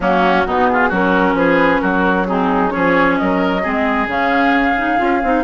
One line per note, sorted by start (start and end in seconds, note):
0.00 0.45 F#3
0.00 0.46 A#3
0.00 0.46 C#4
0.00 0.68 F#4
0.46 0.90 B2
0.46 0.92 B3
0.46 0.69 D#4
0.68 0.88 F4
0.68 0.91 G#4
0.88 1.33 F#3
0.88 2.28 C#4
0.88 1.34 F#4
0.88 1.36 A#4
1.33 1.79 F3
1.33 1.81 G#4
1.33 1.80 B4
1.80 2.73 F#3
1.80 2.27 F#4
1.80 2.25 A#4
2.27 2.69 C4
2.27 2.73 D#4
2.27 2.70 G#4
2.69 3.60 C#4
2.69 3.19 G#4
2.69 3.16 C#5
2.75 3.20 F3
3.16 3.66 F#3
3.16 3.62 A#4
3.16 4.07 D#5
3.62 4.06 G#3
3.62 4.07 C4
3.62 5.43 G#4
4.06 4.97 C#3
4.06 4.75 C#4
4.06 5.43 F5
4.77 4.98 D#4
4.98 5.23 C#4
4.98 5.21 F4
5.23 5.43 C4
5.23 5.43 D#4